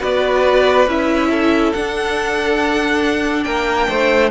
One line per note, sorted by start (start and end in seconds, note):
0.00 0.87 B3
0.00 0.86 F#4
0.00 1.29 B4
0.00 0.89 D5
0.87 1.73 C#4
0.87 1.75 E4
0.87 1.73 E5
1.31 3.45 A4
1.73 3.45 D4
1.73 4.31 D4
1.73 3.44 F#5
3.44 3.88 A#3
3.44 3.89 A#4
3.44 4.30 G5
3.89 4.31 A3
3.89 4.31 C5